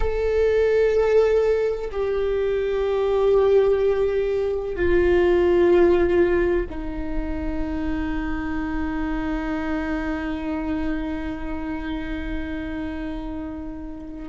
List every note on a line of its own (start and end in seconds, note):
0.00 1.90 A4
1.91 4.75 G4
4.75 6.66 F4
6.69 14.29 D#4